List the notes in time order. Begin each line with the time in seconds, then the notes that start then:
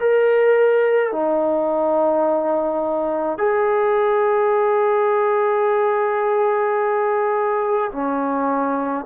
0.00 A#4
1.12 D#4
3.38 G#4
7.92 C#4